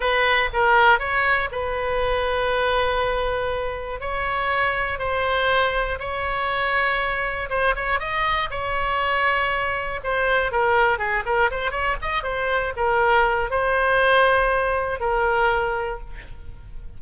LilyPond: \new Staff \with { instrumentName = "oboe" } { \time 4/4 \tempo 4 = 120 b'4 ais'4 cis''4 b'4~ | b'1 | cis''2 c''2 | cis''2. c''8 cis''8 |
dis''4 cis''2. | c''4 ais'4 gis'8 ais'8 c''8 cis''8 | dis''8 c''4 ais'4. c''4~ | c''2 ais'2 | }